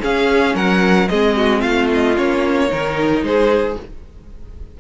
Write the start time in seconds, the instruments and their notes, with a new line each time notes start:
0.00 viola C#4, cello C#4, violin G#4 F5
0.54 cello F#3, violin A#4 F#5
1.08 cello G#3, viola C4, violin G#4 D#5
1.36 violin F#4
1.60 cello A3, violin F4 F5
1.93 violin D#5
2.15 cello A#3, viola C#4, violin C#5
2.68 cello D#3, viola D#4, violin A#4
3.22 cello G#3, violin G#4 C5